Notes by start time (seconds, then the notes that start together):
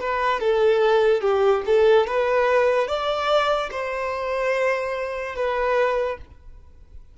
0.00 B4
0.40 A4
1.21 G4
1.66 A4
2.07 B4
2.88 D5
3.71 C5
5.35 B4